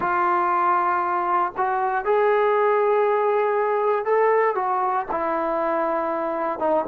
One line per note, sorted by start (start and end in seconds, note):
0.00 1.53 F4
1.57 2.04 F#4
2.04 4.05 G#4
4.05 4.55 A4
4.55 5.05 F#4
5.11 6.59 E4
6.59 6.84 D#4